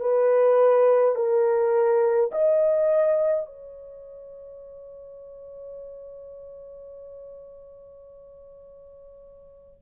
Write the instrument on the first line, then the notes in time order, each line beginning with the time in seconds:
horn
0.00 B4
1.15 A#4
2.31 D#5
3.46 C#5